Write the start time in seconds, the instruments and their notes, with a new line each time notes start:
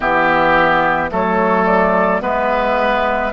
0.00 bassoon E3, clarinet B3, oboe G4, flute E5
1.10 bassoon F#3, clarinet A3, oboe A4, flute C#5
1.66 flute D5
2.20 bassoon G#3, clarinet B3, oboe B4, flute E5